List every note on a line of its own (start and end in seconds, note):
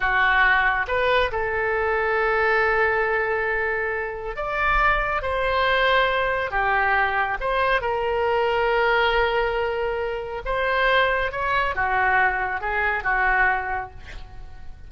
0.00 0.86 F#4
0.87 1.31 B4
1.31 4.36 A4
4.36 5.22 D5
5.22 6.50 C5
6.50 7.37 G4
7.40 7.81 C5
7.81 10.42 A#4
10.45 11.31 C5
11.31 11.75 C#5
11.75 12.61 F#4
12.61 13.03 G#4
13.03 13.90 F#4